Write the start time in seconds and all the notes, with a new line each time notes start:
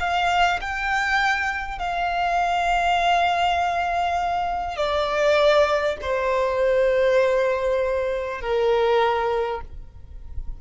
0.00 F5
0.61 G5
1.78 F5
4.77 D5
6.02 C5
8.41 A#4